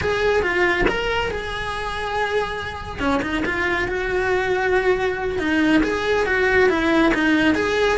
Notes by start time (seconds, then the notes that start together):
0.01 G#4
0.42 F4
0.88 A#4
1.30 G#4
2.99 C#4
3.22 D#4
3.45 F4
3.88 F#4
5.39 D#4
5.83 G#4
6.26 F#4
6.69 E4
7.14 D#4
7.54 G#4